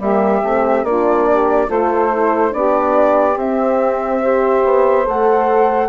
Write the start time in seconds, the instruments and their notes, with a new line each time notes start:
0.00 bassoon G3, horn A#3, saxophone G4, flute E5
0.43 bassoon A3, horn C4
0.84 bassoon A#3, horn D4, saxophone F4, flute D5
1.30 saxophone G4
1.68 bassoon A3, horn F4, saxophone A4, flute C5
2.12 horn E4
2.50 bassoon B3, horn D4, saxophone G4, flute D5
3.37 bassoon C4, horn C4, flute E5
4.22 horn G4, saxophone C5
4.64 bassoon B3
5.05 bassoon A3, horn A4, flute F#5